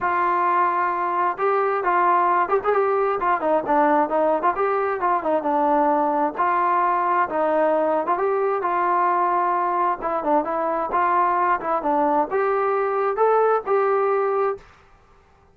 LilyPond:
\new Staff \with { instrumentName = "trombone" } { \time 4/4 \tempo 4 = 132 f'2. g'4 | f'4. g'16 gis'16 g'4 f'8 dis'8 | d'4 dis'8. f'16 g'4 f'8 dis'8 | d'2 f'2 |
dis'4.~ dis'16 f'16 g'4 f'4~ | f'2 e'8 d'8 e'4 | f'4. e'8 d'4 g'4~ | g'4 a'4 g'2 | }